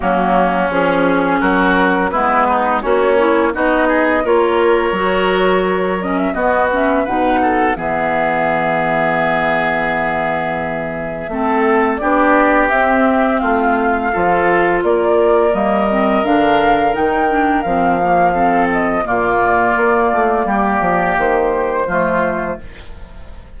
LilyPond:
<<
  \new Staff \with { instrumentName = "flute" } { \time 4/4 \tempo 4 = 85 fis'4 gis'4 ais'4 b'4 | cis''4 dis''4 cis''2~ | cis''8 dis''16 e''16 dis''8 e''8 fis''4 e''4~ | e''1~ |
e''4 d''4 e''4 f''4~ | f''4 d''4 dis''4 f''4 | g''4 f''4. dis''8 d''4~ | d''2 c''2 | }
  \new Staff \with { instrumentName = "oboe" } { \time 4/4 cis'2 fis'4 e'8 dis'8 | cis'4 fis'8 gis'8 ais'2~ | ais'4 fis'4 b'8 a'8 gis'4~ | gis'1 |
a'4 g'2 f'4 | a'4 ais'2.~ | ais'2 a'4 f'4~ | f'4 g'2 f'4 | }
  \new Staff \with { instrumentName = "clarinet" } { \time 4/4 ais4 cis'2 b4 | fis'8 e'8 dis'4 f'4 fis'4~ | fis'8 cis'8 b8 cis'8 dis'4 b4~ | b1 |
c'4 d'4 c'2 | f'2 ais8 c'8 d'4 | dis'8 d'8 c'8 ais8 c'4 ais4~ | ais2. a4 | }
  \new Staff \with { instrumentName = "bassoon" } { \time 4/4 fis4 f4 fis4 gis4 | ais4 b4 ais4 fis4~ | fis4 b4 b,4 e4~ | e1 |
a4 b4 c'4 a4 | f4 ais4 g4 d4 | dis4 f2 ais,4 | ais8 a8 g8 f8 dis4 f4 | }
>>